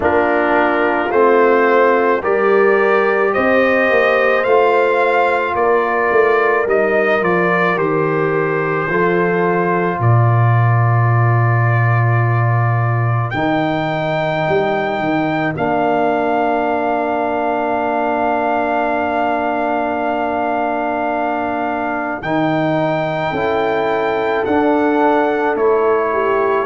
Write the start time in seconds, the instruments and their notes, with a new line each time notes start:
0.00 tuba A#3, trombone D4, horn F4, trumpet A#4
1.10 tuba A3, trombone C4, trumpet C5
2.21 tuba G3, trombone G4, horn A#4, trumpet D5
3.33 tuba C4, horn C5, trumpet D#5
3.90 tuba A#3
4.43 tuba A3, trombone F4, trumpet F5
5.54 tuba A#3, horn A#4, trumpet D5
6.10 tuba A3
6.66 tuba G3, trombone D#4, trumpet D#5
7.21 tuba F3, trombone F4, trumpet D5
7.76 tuba D#3, trombone G4, trumpet C5
8.88 tuba F3, trombone F4, horn A4
9.99 tuba A#2, horn A#4, trumpet D5
13.30 tuba D#3, trombone D#4, trumpet G5
14.47 tuba G3
14.99 tuba D#3
15.55 tuba A#3, trombone D4, trumpet F5
22.22 tuba D#3, trombone D#4, trumpet G5
23.30 tuba C#4, trombone E4, horn A4
24.45 tuba D4, trombone D4, trumpet F#5
25.55 tuba A3, trombone E4, trumpet C#5
26.12 horn G4